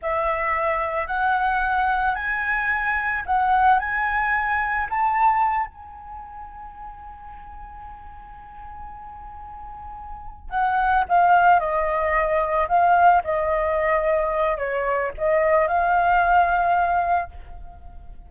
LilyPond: \new Staff \with { instrumentName = "flute" } { \time 4/4 \tempo 4 = 111 e''2 fis''2 | gis''2 fis''4 gis''4~ | gis''4 a''4. gis''4.~ | gis''1~ |
gis''2.~ gis''8 fis''8~ | fis''8 f''4 dis''2 f''8~ | f''8 dis''2~ dis''8 cis''4 | dis''4 f''2. | }